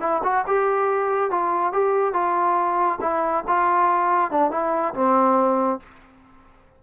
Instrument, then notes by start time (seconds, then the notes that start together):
trombone
0.00 E4
0.23 F#4
0.47 G4
1.30 F4
1.72 G4
2.13 F4
3.01 E4
3.47 F4
4.31 D4
4.51 E4
4.94 C4